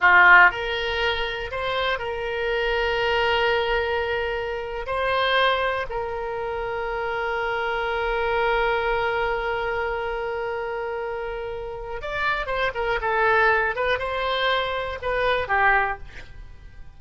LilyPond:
\new Staff \with { instrumentName = "oboe" } { \time 4/4 \tempo 4 = 120 f'4 ais'2 c''4 | ais'1~ | ais'4.~ ais'16 c''2 ais'16~ | ais'1~ |
ais'1~ | ais'1 | d''4 c''8 ais'8 a'4. b'8 | c''2 b'4 g'4 | }